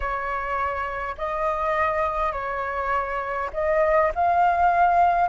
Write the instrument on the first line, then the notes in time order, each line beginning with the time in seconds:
flute
0.00 C#5
1.17 D#5
2.32 C#5
3.53 D#5
4.14 F5